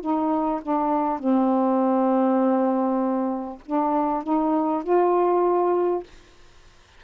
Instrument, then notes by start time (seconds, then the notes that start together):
saxophone
0.00 D#4
0.62 D4
1.19 C4
3.65 D4
4.23 D#4
4.83 F4